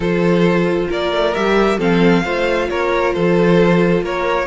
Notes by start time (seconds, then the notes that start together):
0.00 F3 F4 A4 C5
0.89 A#3 A#4 D5
1.12 A3
1.34 G3 G4 E5
1.77 F3 C4 A4 F5
2.23 A3 F4 C5
2.69 A#3 A#4 C#5
3.13 F3 A4 C5
4.02 A#3 A#4 C#5